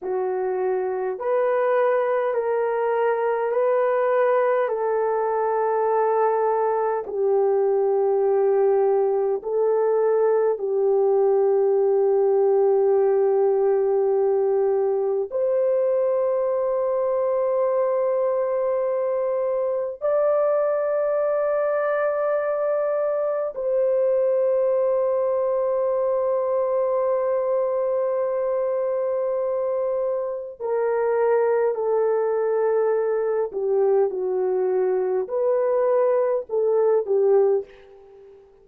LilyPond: \new Staff \with { instrumentName = "horn" } { \time 4/4 \tempo 4 = 51 fis'4 b'4 ais'4 b'4 | a'2 g'2 | a'4 g'2.~ | g'4 c''2.~ |
c''4 d''2. | c''1~ | c''2 ais'4 a'4~ | a'8 g'8 fis'4 b'4 a'8 g'8 | }